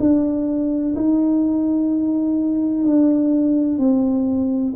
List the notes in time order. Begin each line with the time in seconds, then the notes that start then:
0.00 D4
0.96 D#4
2.84 D4
3.79 C4